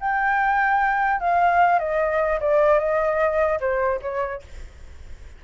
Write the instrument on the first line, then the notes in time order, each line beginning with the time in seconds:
flute
0.00 G5
1.20 F5
1.79 D#5
2.40 D5
2.79 D#5
3.60 C5
4.02 C#5